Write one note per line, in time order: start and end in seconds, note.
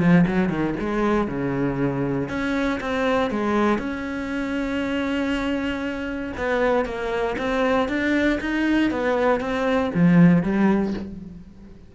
0.00 0.25 F3
0.27 0.50 F#3
0.50 0.75 D#3
0.80 1.28 G#3
1.28 2.29 C#3
2.29 2.80 C#4
2.81 3.31 C4
3.31 3.79 G#3
3.79 6.33 C#4
6.37 6.86 B3
6.86 7.36 A#3
7.38 7.89 C4
7.89 8.40 D4
8.41 8.91 D#4
8.91 9.41 B3
9.41 9.92 C4
9.94 10.43 F3
10.43 10.94 G3